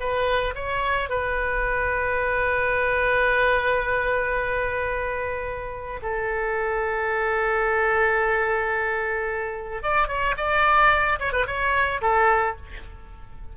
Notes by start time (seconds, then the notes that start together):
0.00 B4
0.55 C#5
1.10 B4
6.02 A4
9.83 D5
10.08 C#5
10.37 D5
11.20 C#5
11.33 B4
11.47 C#5
12.01 A4